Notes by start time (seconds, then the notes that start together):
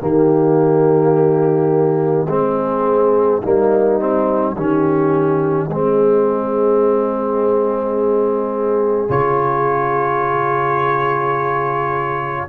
0.00 D#3 A#3 G4 D#5
2.28 G#3 C4 G#4
3.41 G3 A#3 D#4
3.99 C4
4.55 D#3 C#4 G4
5.68 G#3 C4 G#4
9.08 C#3 F4 C#5